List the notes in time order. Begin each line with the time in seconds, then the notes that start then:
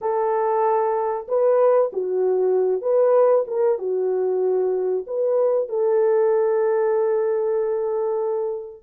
0.01 A4
1.28 B4
1.92 F#4
2.81 B4
3.47 A#4
3.78 F#4
5.07 B4
5.68 A4